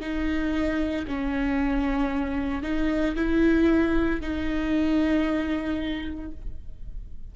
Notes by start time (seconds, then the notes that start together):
0.00 D#4
1.07 C#4
2.62 D#4
3.15 E4
4.21 D#4